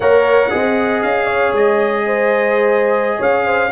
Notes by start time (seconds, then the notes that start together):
0.00 A#3 A#4 C#5 F#5
0.50 C4 G#4 D#5
1.02 C#4 F5
1.25 C#5
1.52 G#3 D#5
2.06 C5
3.17 C#4 C#5 F5
3.45 C5